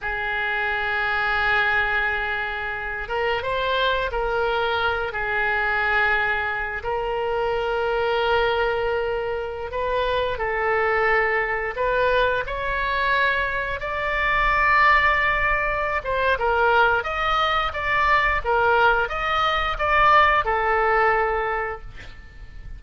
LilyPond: \new Staff \with { instrumentName = "oboe" } { \time 4/4 \tempo 4 = 88 gis'1~ | gis'8 ais'8 c''4 ais'4. gis'8~ | gis'2 ais'2~ | ais'2~ ais'16 b'4 a'8.~ |
a'4~ a'16 b'4 cis''4.~ cis''16~ | cis''16 d''2.~ d''16 c''8 | ais'4 dis''4 d''4 ais'4 | dis''4 d''4 a'2 | }